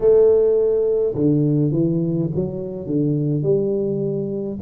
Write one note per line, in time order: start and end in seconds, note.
0.00 1.14 A3
1.14 1.72 D3
1.72 2.29 E3
2.34 2.86 F#3
2.86 3.42 D3
3.42 4.58 G3